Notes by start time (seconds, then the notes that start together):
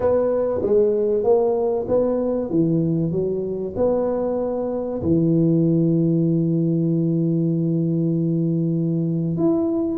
0.00 B3
0.62 G#3
1.23 A#3
1.88 B3
2.49 E3
3.11 F#3
3.76 B3
5.01 E3
9.36 E4